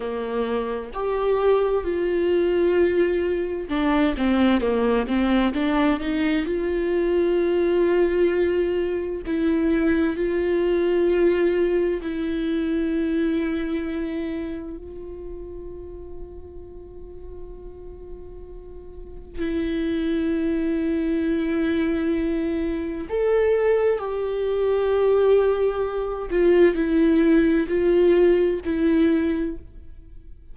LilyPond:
\new Staff \with { instrumentName = "viola" } { \time 4/4 \tempo 4 = 65 ais4 g'4 f'2 | d'8 c'8 ais8 c'8 d'8 dis'8 f'4~ | f'2 e'4 f'4~ | f'4 e'2. |
f'1~ | f'4 e'2.~ | e'4 a'4 g'2~ | g'8 f'8 e'4 f'4 e'4 | }